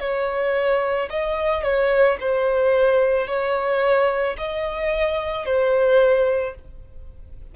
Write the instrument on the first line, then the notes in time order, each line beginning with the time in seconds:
violin
0.00 C#5
1.10 D#5
1.63 C#5
2.20 C5
3.27 C#5
4.37 D#5
5.45 C5